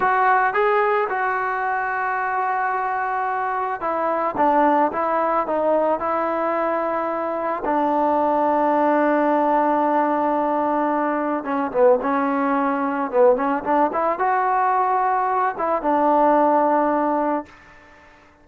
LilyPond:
\new Staff \with { instrumentName = "trombone" } { \time 4/4 \tempo 4 = 110 fis'4 gis'4 fis'2~ | fis'2. e'4 | d'4 e'4 dis'4 e'4~ | e'2 d'2~ |
d'1~ | d'4 cis'8 b8 cis'2 | b8 cis'8 d'8 e'8 fis'2~ | fis'8 e'8 d'2. | }